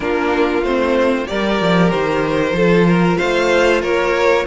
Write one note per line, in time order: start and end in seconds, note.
0.00 0.61 A#3
0.00 0.63 D4
0.00 1.29 F4
0.00 0.63 A#4
0.61 1.25 A3
0.61 1.26 C4
0.61 1.27 C5
1.26 1.60 G3
1.26 2.54 G4
1.26 2.56 A#4
1.26 1.90 D5
1.60 1.92 F3
1.90 2.52 D#3
1.90 3.17 C5
2.52 3.16 F3
2.52 4.46 F4
2.52 2.87 A4
2.87 3.17 A#4
3.17 3.82 A3
3.17 3.81 C5
3.17 3.81 F5
3.81 4.46 A#3
3.81 4.45 A#4
3.81 4.46 C#5